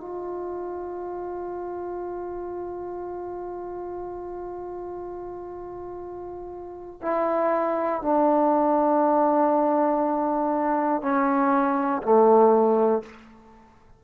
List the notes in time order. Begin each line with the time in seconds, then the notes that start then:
0.00 F4
7.02 E4
8.02 D4
11.02 C#4
12.02 A3